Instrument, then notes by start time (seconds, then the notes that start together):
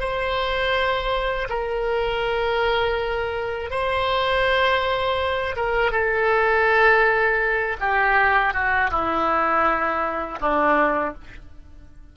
oboe
0.00 C5
1.50 A#4
3.71 C5
5.57 A#4
5.92 A4
7.80 G4
8.54 F#4
8.91 E4
10.41 D4